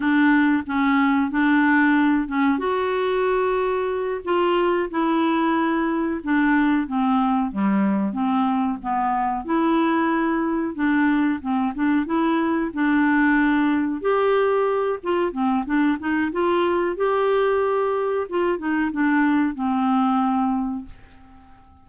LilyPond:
\new Staff \with { instrumentName = "clarinet" } { \time 4/4 \tempo 4 = 92 d'4 cis'4 d'4. cis'8 | fis'2~ fis'8 f'4 e'8~ | e'4. d'4 c'4 g8~ | g8 c'4 b4 e'4.~ |
e'8 d'4 c'8 d'8 e'4 d'8~ | d'4. g'4. f'8 c'8 | d'8 dis'8 f'4 g'2 | f'8 dis'8 d'4 c'2 | }